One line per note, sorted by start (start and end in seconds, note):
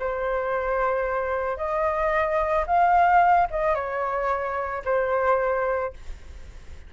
0.00 1.57 C5
1.57 2.66 D#5
2.67 3.48 F5
3.51 3.75 D#5
3.75 4.83 C#5
4.86 5.94 C5